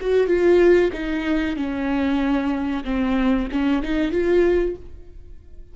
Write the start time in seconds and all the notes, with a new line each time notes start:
0.00 F#4
0.26 F4
0.92 D#4
1.56 C#4
2.84 C4
3.51 C#4
3.82 D#4
4.11 F4